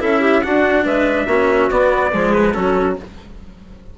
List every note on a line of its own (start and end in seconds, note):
0.00 0.44 C#4
0.00 0.42 E4
0.00 0.21 A4
0.00 0.43 E5
0.21 0.42 G4
0.43 1.28 D4
0.43 0.85 D4
0.43 0.84 F#4
0.43 0.85 F#5
0.84 1.27 G#3
0.84 1.26 B4
0.84 1.71 E5
1.26 1.69 A#3
1.26 1.71 C#4
1.26 2.11 F#4
1.71 2.12 B3
1.71 2.13 B3
1.71 2.33 D5
2.11 2.55 F3
2.11 2.54 G#3
2.11 2.53 G#4
2.33 2.54 B4
2.54 2.98 F#3
2.54 2.96 C#4
2.54 2.97 F#4
2.54 2.96 A4